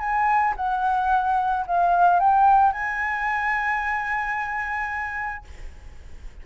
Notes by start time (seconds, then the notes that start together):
0.00 G#5
0.57 F#5
1.67 F5
2.20 G5
2.72 G#5